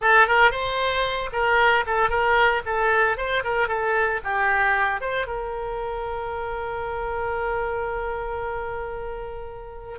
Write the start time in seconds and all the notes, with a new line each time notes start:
0.01 A4
0.27 A#4
0.51 C5
1.32 A#4
1.86 A4
2.09 A#4
2.65 A4
3.17 C5
3.44 A#4
3.67 A4
4.23 G4
5.00 C5
5.26 A#4